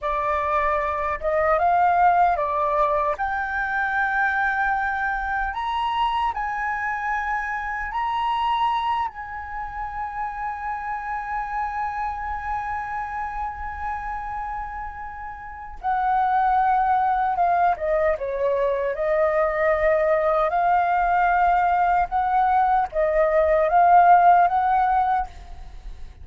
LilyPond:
\new Staff \with { instrumentName = "flute" } { \time 4/4 \tempo 4 = 76 d''4. dis''8 f''4 d''4 | g''2. ais''4 | gis''2 ais''4. gis''8~ | gis''1~ |
gis''1 | fis''2 f''8 dis''8 cis''4 | dis''2 f''2 | fis''4 dis''4 f''4 fis''4 | }